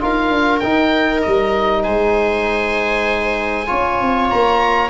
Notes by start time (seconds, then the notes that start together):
0.00 D#4 F4 A#4 F5
0.30 D4
0.59 D#4 G5
1.21 G3 D#5
1.83 G#3 C5 G#5
3.66 C#4 F4 C#5
4.00 C4
4.30 A#3 A#5